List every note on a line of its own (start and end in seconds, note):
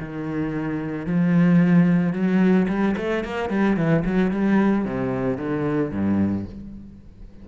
0.00 1.06 D#3
1.06 2.13 F3
2.13 2.67 F#3
2.68 2.95 G3
2.97 3.24 A3
3.24 3.50 A#3
3.50 3.77 G3
3.77 4.04 E3
4.05 4.31 F#3
4.31 4.85 G3
4.85 5.37 C3
5.37 5.91 D3
5.92 6.46 G2